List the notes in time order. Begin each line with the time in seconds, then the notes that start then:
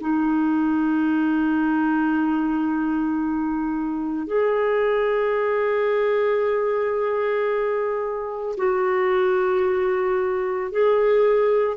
0.00 D#4
4.27 G#4
8.57 F#4
10.71 G#4